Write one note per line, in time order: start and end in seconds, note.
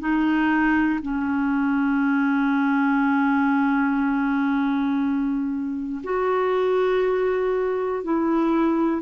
0.00 1.00 D#4
1.02 6.02 C#4
6.04 8.04 F#4
8.04 9.02 E4